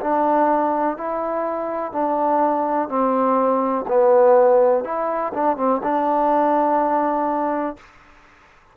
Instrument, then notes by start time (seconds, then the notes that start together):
trombone
0.00 D4
0.97 E4
1.92 D4
2.88 C4
3.88 B3
4.83 E4
5.33 D4
5.56 C4
5.83 D4